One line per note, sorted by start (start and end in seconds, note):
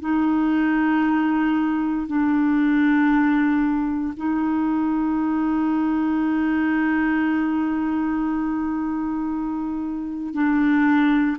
0.00 2.07 D#4
2.07 4.14 D4
4.17 10.34 D#4
10.34 11.37 D4